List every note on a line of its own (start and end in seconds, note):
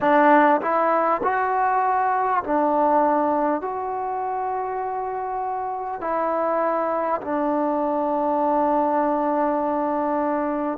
0.01 0.61 D4
0.61 1.21 E4
1.23 2.43 F#4
2.43 3.61 D4
3.61 6.01 F#4
6.01 7.21 E4
7.21 10.78 D4